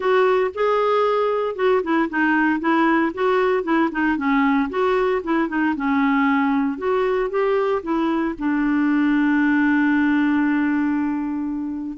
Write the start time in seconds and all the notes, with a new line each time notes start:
0.00 F#4
0.54 G#4
1.55 F#4
1.83 E4
2.09 D#4
2.59 E4
3.14 F#4
3.63 E4
3.91 D#4
4.17 C#4
4.69 F#4
5.23 E4
5.48 D#4
5.76 C#4
6.78 F#4
7.29 G4
7.82 E4
8.38 D4